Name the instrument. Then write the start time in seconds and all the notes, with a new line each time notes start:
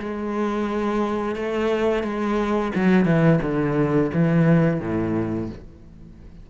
cello
0.00 G#3
1.36 A3
2.03 G#3
2.76 F#3
3.06 E3
3.42 D3
4.14 E3
4.81 A2